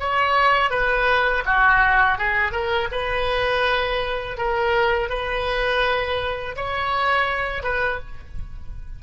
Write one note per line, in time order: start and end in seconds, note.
0.00 0.71 C#5
0.71 1.44 B4
1.45 2.18 F#4
2.18 2.52 G#4
2.52 2.88 A#4
2.91 4.37 B4
4.37 5.10 A#4
5.10 6.56 B4
6.56 7.63 C#5
7.63 8.00 B4